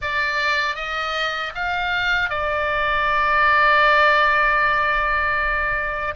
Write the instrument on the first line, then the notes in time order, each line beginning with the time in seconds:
oboe
0.01 D5
0.75 D#5
1.54 F5
2.29 D5